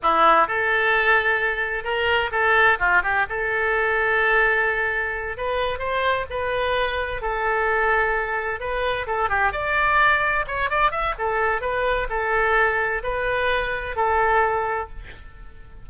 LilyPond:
\new Staff \with { instrumentName = "oboe" } { \time 4/4 \tempo 4 = 129 e'4 a'2. | ais'4 a'4 f'8 g'8 a'4~ | a'2.~ a'8 b'8~ | b'8 c''4 b'2 a'8~ |
a'2~ a'8 b'4 a'8 | g'8 d''2 cis''8 d''8 e''8 | a'4 b'4 a'2 | b'2 a'2 | }